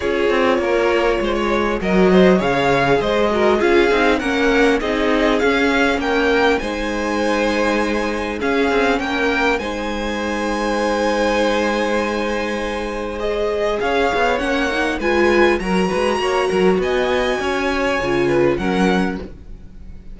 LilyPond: <<
  \new Staff \with { instrumentName = "violin" } { \time 4/4 \tempo 4 = 100 cis''2. dis''4 | f''4 dis''4 f''4 fis''4 | dis''4 f''4 g''4 gis''4~ | gis''2 f''4 g''4 |
gis''1~ | gis''2 dis''4 f''4 | fis''4 gis''4 ais''2 | gis''2. fis''4 | }
  \new Staff \with { instrumentName = "violin" } { \time 4/4 gis'4 ais'4 c''16 cis''8. ais'8 c''8 | cis''4 c''8 ais'8 gis'4 ais'4 | gis'2 ais'4 c''4~ | c''2 gis'4 ais'4 |
c''1~ | c''2. cis''4~ | cis''4 b'4 ais'8 b'8 cis''8 ais'8 | dis''4 cis''4. b'8 ais'4 | }
  \new Staff \with { instrumentName = "viola" } { \time 4/4 f'2. fis'4 | gis'4. fis'8 f'8 dis'8 cis'4 | dis'4 cis'2 dis'4~ | dis'2 cis'2 |
dis'1~ | dis'2 gis'2 | cis'8 dis'8 f'4 fis'2~ | fis'2 f'4 cis'4 | }
  \new Staff \with { instrumentName = "cello" } { \time 4/4 cis'8 c'8 ais4 gis4 fis4 | cis4 gis4 cis'8 c'8 ais4 | c'4 cis'4 ais4 gis4~ | gis2 cis'8 c'8 ais4 |
gis1~ | gis2. cis'8 b8 | ais4 gis4 fis8 gis8 ais8 fis8 | b4 cis'4 cis4 fis4 | }
>>